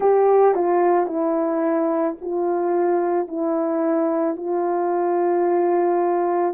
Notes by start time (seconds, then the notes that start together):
0.00 G4
0.55 F4
1.06 E4
2.21 F4
3.27 E4
4.36 F4